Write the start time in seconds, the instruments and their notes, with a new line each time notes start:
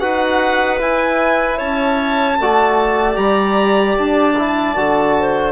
0.00 bassoon D#4, trombone F#4, clarinet B4, violin F#5
0.78 trombone E4, bassoon E4, violin G#5
1.58 bassoon C#4, clarinet C#5, violin A5
2.40 bassoon A3, trombone F#4, clarinet D5
3.15 bassoon G3, trombone G4, violin A#5
3.98 bassoon D4, violin A5
4.38 trombone E4
4.77 bassoon D3, trombone F#4
5.20 clarinet C5